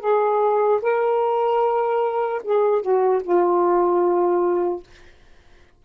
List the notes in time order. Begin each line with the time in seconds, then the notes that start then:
0.00 G#4
0.82 A#4
2.44 G#4
2.82 F#4
3.23 F4